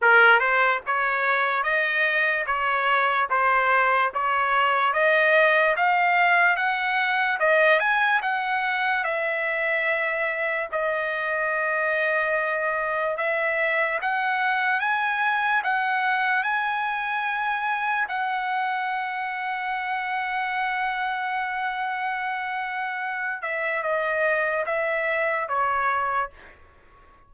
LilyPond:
\new Staff \with { instrumentName = "trumpet" } { \time 4/4 \tempo 4 = 73 ais'8 c''8 cis''4 dis''4 cis''4 | c''4 cis''4 dis''4 f''4 | fis''4 dis''8 gis''8 fis''4 e''4~ | e''4 dis''2. |
e''4 fis''4 gis''4 fis''4 | gis''2 fis''2~ | fis''1~ | fis''8 e''8 dis''4 e''4 cis''4 | }